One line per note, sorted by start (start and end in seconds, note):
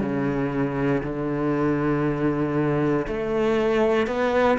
0.00 1.02 C#3
1.04 3.07 D3
3.07 4.07 A3
4.07 4.58 B3